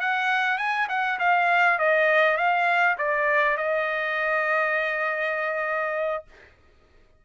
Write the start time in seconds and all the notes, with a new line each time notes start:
0.00 F#5
0.58 G#5
0.89 F#5
1.19 F5
1.78 D#5
2.37 F5
2.98 D5
3.57 D#5